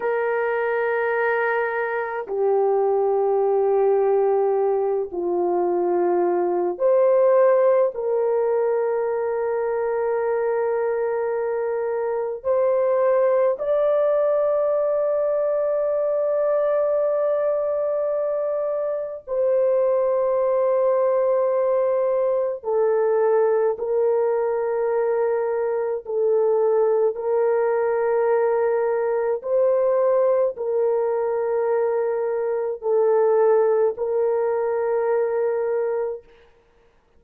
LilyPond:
\new Staff \with { instrumentName = "horn" } { \time 4/4 \tempo 4 = 53 ais'2 g'2~ | g'8 f'4. c''4 ais'4~ | ais'2. c''4 | d''1~ |
d''4 c''2. | a'4 ais'2 a'4 | ais'2 c''4 ais'4~ | ais'4 a'4 ais'2 | }